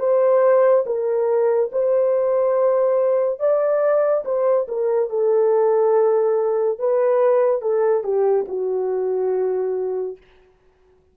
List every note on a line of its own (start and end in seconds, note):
0.00 0.85 C5
0.86 1.71 A#4
1.72 3.40 C5
3.40 4.24 D5
4.25 4.67 C5
4.68 5.10 A#4
5.10 6.79 A4
6.79 7.62 B4
7.62 8.04 A4
8.04 8.46 G4
8.48 10.17 F#4